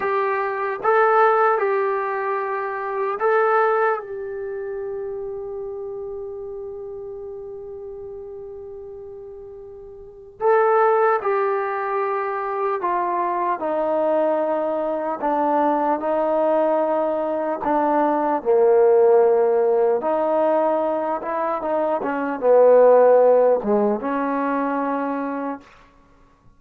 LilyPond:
\new Staff \with { instrumentName = "trombone" } { \time 4/4 \tempo 4 = 75 g'4 a'4 g'2 | a'4 g'2.~ | g'1~ | g'4 a'4 g'2 |
f'4 dis'2 d'4 | dis'2 d'4 ais4~ | ais4 dis'4. e'8 dis'8 cis'8 | b4. gis8 cis'2 | }